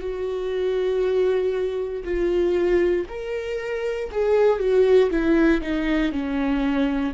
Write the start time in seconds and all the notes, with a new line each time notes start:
0.00 F#4
2.04 F4
3.09 A#4
4.11 G#4
4.59 F#4
5.10 E4
5.61 D#4
6.12 C#4